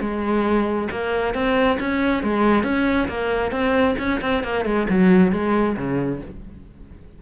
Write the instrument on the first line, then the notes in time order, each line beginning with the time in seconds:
cello
0.00 G#3
0.91 A#3
1.34 C4
1.79 C#4
2.23 G#3
2.64 C#4
3.08 A#3
3.51 C4
3.98 C#4
4.21 C4
4.43 A#3
4.65 G#3
4.89 F#3
5.32 G#3
5.77 C#3